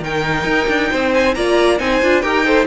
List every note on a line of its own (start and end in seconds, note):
0.00 0.44 D#3
0.00 1.35 D#4
0.00 0.91 A#4
0.00 1.14 G5
0.44 0.66 D#4
0.68 0.90 D4
0.91 1.35 C4
0.91 1.35 C5
1.14 1.34 G#5
1.34 1.79 A#3
1.34 1.78 F4
1.34 1.80 D5
1.34 1.78 A#5
1.78 2.01 C4
1.78 2.00 D#4
1.78 2.23 C5
1.78 2.21 G#5
2.02 2.23 D4
2.02 2.22 F4
2.21 2.67 D#4
2.21 2.44 G4
2.21 2.45 A#4
2.21 2.65 G5
2.44 2.66 A4
2.44 2.67 C5